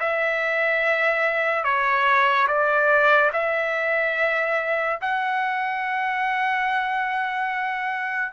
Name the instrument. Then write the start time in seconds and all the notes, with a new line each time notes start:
trumpet
0.00 E5
1.64 C#5
2.48 D5
3.33 E5
5.01 F#5